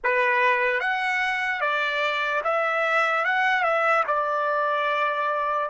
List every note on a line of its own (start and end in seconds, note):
0.03 0.80 B4
0.80 1.60 F#5
1.60 2.41 D5
2.44 3.24 E5
3.24 3.63 F#5
3.63 4.03 E5
4.07 5.69 D5